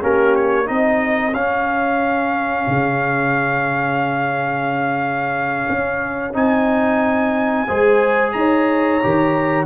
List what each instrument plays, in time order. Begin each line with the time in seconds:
0.00 tuba A#3, trombone C#4, horn G4, trumpet A#4
0.36 trumpet C#5
0.66 tuba C4, trombone D#4, horn G#4, trumpet D#5
1.33 tuba C#4, trombone C#4, trumpet F5
2.68 tuba C#3
5.69 tuba C#4
6.34 tuba C4, trombone D#4, trumpet G#5
7.67 tuba G#3, trombone G#4, horn C5
8.32 tuba D#4, horn C#5, trumpet A#5
9.03 tuba D#3, trombone G4